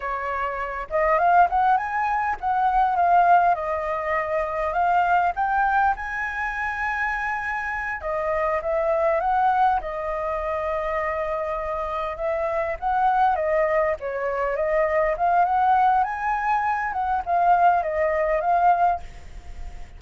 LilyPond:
\new Staff \with { instrumentName = "flute" } { \time 4/4 \tempo 4 = 101 cis''4. dis''8 f''8 fis''8 gis''4 | fis''4 f''4 dis''2 | f''4 g''4 gis''2~ | gis''4. dis''4 e''4 fis''8~ |
fis''8 dis''2.~ dis''8~ | dis''8 e''4 fis''4 dis''4 cis''8~ | cis''8 dis''4 f''8 fis''4 gis''4~ | gis''8 fis''8 f''4 dis''4 f''4 | }